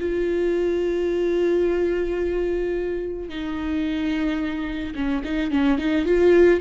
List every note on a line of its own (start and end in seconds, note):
0.00 3.29 F4
3.29 4.94 D#4
4.95 5.23 C#4
5.24 5.51 D#4
5.51 5.78 C#4
5.78 6.06 D#4
6.06 6.61 F4